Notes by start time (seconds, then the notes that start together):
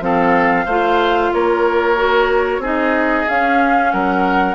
0.00 F3 C4 A4 F5
0.65 A3 F4 C5
1.33 A#3 A#4 C#5
1.96 F#4
2.58 C4 D#4 G#4
2.65 D#5
3.28 C#4 F5
3.92 F#3 A#4 F#5